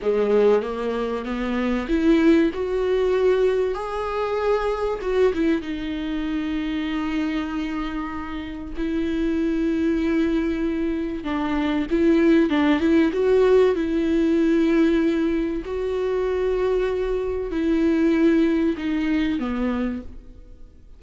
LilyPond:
\new Staff \with { instrumentName = "viola" } { \time 4/4 \tempo 4 = 96 gis4 ais4 b4 e'4 | fis'2 gis'2 | fis'8 e'8 dis'2.~ | dis'2 e'2~ |
e'2 d'4 e'4 | d'8 e'8 fis'4 e'2~ | e'4 fis'2. | e'2 dis'4 b4 | }